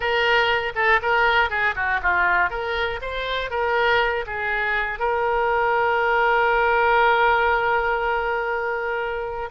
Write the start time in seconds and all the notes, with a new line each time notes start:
0.00 A#4
0.75 A4
1.02 A#4
1.50 G#4
1.75 F#4
2.02 F4
2.50 A#4
3.01 C5
3.50 A#4
4.26 G#4
4.99 A#4